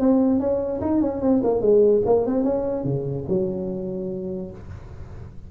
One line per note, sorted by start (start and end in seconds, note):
0.00 0.40 C4
0.40 0.81 C#4
0.81 1.01 D#4
1.01 1.22 C#4
1.22 1.42 C4
1.44 1.61 A#3
1.61 2.02 G#3
2.06 2.26 A#3
2.26 2.44 C4
2.44 2.84 C#4
2.84 3.25 C#3
3.29 4.51 F#3